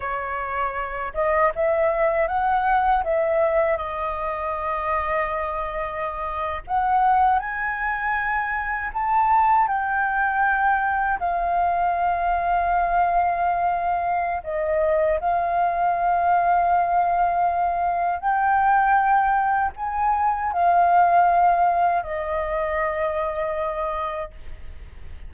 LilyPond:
\new Staff \with { instrumentName = "flute" } { \time 4/4 \tempo 4 = 79 cis''4. dis''8 e''4 fis''4 | e''4 dis''2.~ | dis''8. fis''4 gis''2 a''16~ | a''8. g''2 f''4~ f''16~ |
f''2. dis''4 | f''1 | g''2 gis''4 f''4~ | f''4 dis''2. | }